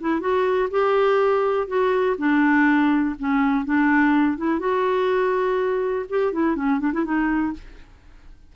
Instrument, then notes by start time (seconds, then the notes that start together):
clarinet
0.00 E4
0.20 F#4
0.70 G4
1.67 F#4
2.18 D4
3.19 C#4
3.65 D4
4.37 E4
4.59 F#4
6.09 G4
6.32 E4
6.56 C#4
6.80 D4
6.93 E4
7.04 D#4